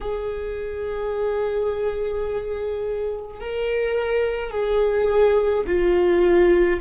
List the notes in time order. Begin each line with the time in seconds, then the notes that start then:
0.00 G#4
3.40 A#4
4.50 G#4
5.67 F4